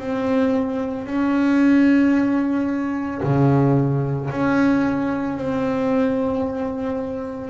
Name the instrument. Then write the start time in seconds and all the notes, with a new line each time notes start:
double bass
0.00 C4
1.07 C#4
3.23 C#3
4.31 C#4
5.38 C4